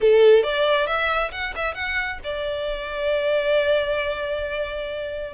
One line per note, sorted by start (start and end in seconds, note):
0.01 0.43 A4
0.43 0.86 D5
0.86 1.31 E5
1.31 1.54 F#5
1.55 1.74 E5
1.74 2.19 F#5
2.23 5.33 D5